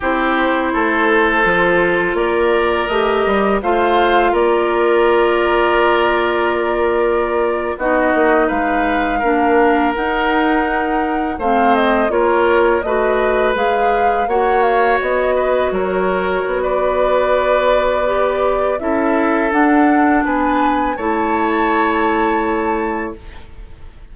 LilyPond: <<
  \new Staff \with { instrumentName = "flute" } { \time 4/4 \tempo 4 = 83 c''2. d''4 | dis''4 f''4 d''2~ | d''2~ d''8. dis''4 f''16~ | f''4.~ f''16 fis''2 f''16~ |
f''16 dis''8 cis''4 dis''4 f''4 fis''16~ | fis''16 f''8 dis''4 cis''4~ cis''16 d''4~ | d''2 e''4 fis''4 | gis''4 a''2. | }
  \new Staff \with { instrumentName = "oboe" } { \time 4/4 g'4 a'2 ais'4~ | ais'4 c''4 ais'2~ | ais'2~ ais'8. fis'4 b'16~ | b'8. ais'2. c''16~ |
c''8. ais'4 b'2 cis''16~ | cis''4~ cis''16 b'8 ais'4~ ais'16 b'4~ | b'2 a'2 | b'4 cis''2. | }
  \new Staff \with { instrumentName = "clarinet" } { \time 4/4 e'2 f'2 | g'4 f'2.~ | f'2~ f'8. dis'4~ dis'16~ | dis'8. d'4 dis'2 c'16~ |
c'8. f'4 fis'4 gis'4 fis'16~ | fis'1~ | fis'4 g'4 e'4 d'4~ | d'4 e'2. | }
  \new Staff \with { instrumentName = "bassoon" } { \time 4/4 c'4 a4 f4 ais4 | a8 g8 a4 ais2~ | ais2~ ais8. b8 ais8 gis16~ | gis8. ais4 dis'2 a16~ |
a8. ais4 a4 gis4 ais16~ | ais8. b4 fis4 b4~ b16~ | b2 cis'4 d'4 | b4 a2. | }
>>